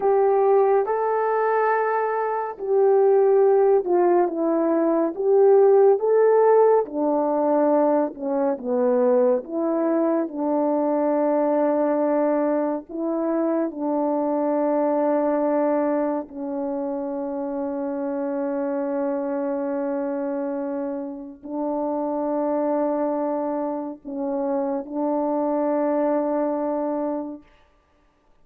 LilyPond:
\new Staff \with { instrumentName = "horn" } { \time 4/4 \tempo 4 = 70 g'4 a'2 g'4~ | g'8 f'8 e'4 g'4 a'4 | d'4. cis'8 b4 e'4 | d'2. e'4 |
d'2. cis'4~ | cis'1~ | cis'4 d'2. | cis'4 d'2. | }